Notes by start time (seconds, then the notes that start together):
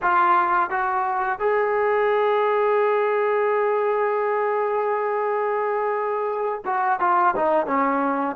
0.02 F4
0.69 F#4
1.39 G#4
6.65 F#4
7.00 F4
7.36 D#4
7.66 C#4